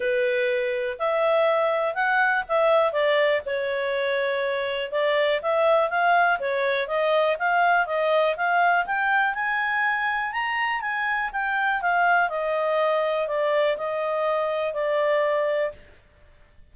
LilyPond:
\new Staff \with { instrumentName = "clarinet" } { \time 4/4 \tempo 4 = 122 b'2 e''2 | fis''4 e''4 d''4 cis''4~ | cis''2 d''4 e''4 | f''4 cis''4 dis''4 f''4 |
dis''4 f''4 g''4 gis''4~ | gis''4 ais''4 gis''4 g''4 | f''4 dis''2 d''4 | dis''2 d''2 | }